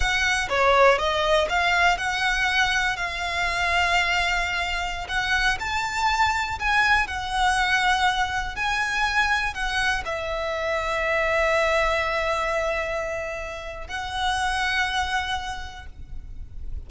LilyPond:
\new Staff \with { instrumentName = "violin" } { \time 4/4 \tempo 4 = 121 fis''4 cis''4 dis''4 f''4 | fis''2 f''2~ | f''2~ f''16 fis''4 a''8.~ | a''4~ a''16 gis''4 fis''4.~ fis''16~ |
fis''4~ fis''16 gis''2 fis''8.~ | fis''16 e''2.~ e''8.~ | e''1 | fis''1 | }